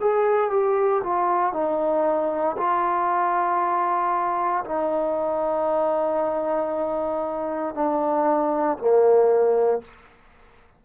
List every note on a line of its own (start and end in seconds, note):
0.00 0.50 G#4
0.50 1.02 G4
1.03 1.52 F4
1.52 2.56 D#4
2.57 4.64 F4
4.64 7.74 D#4
7.74 8.77 D4
8.78 9.81 A#3